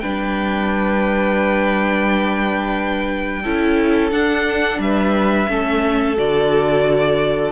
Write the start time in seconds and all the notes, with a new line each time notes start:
0.00 G3 D4 B4 G5
3.43 C#4 E4 A4
4.12 D4 F#5
4.79 G3 B4 E5
5.48 A3 C#4 A4
6.17 D3 F#4 D5